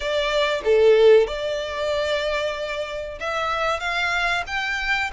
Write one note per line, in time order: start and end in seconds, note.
0.00 0.61 D5
0.64 1.27 A4
1.27 3.19 D5
3.20 3.79 E5
3.79 4.43 F5
4.47 5.10 G5